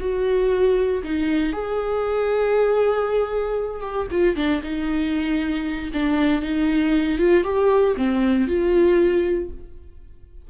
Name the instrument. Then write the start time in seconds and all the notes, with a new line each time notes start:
viola
0.00 F#4
1.03 D#4
1.52 G#4
3.82 G4
4.11 F4
4.36 D4
4.63 D#4
5.93 D4
6.42 D#4
7.19 F4
7.44 G4
7.97 C4
8.47 F4